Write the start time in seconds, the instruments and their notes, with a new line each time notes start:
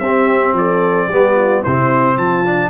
0.00 tuba C4, trombone C4, horn G4, trumpet E5
0.53 tuba F3, horn A4, trumpet D5
1.08 tuba G3, trombone B3, horn G4
1.35 horn F4
1.62 tuba C3, trombone C4, horn E4, trumpet C5
2.17 tuba F3, horn F4, trumpet A5
2.45 trombone D4